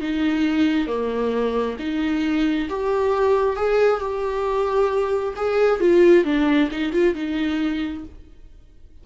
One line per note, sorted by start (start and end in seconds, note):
0.00 0.87 D#4
0.87 1.76 A#3
1.79 2.68 D#4
2.69 3.56 G4
3.56 4.00 G#4
4.00 5.34 G4
5.36 5.80 G#4
5.80 6.24 F4
6.24 6.69 D4
6.71 6.92 D#4
6.92 7.14 F4
7.14 8.04 D#4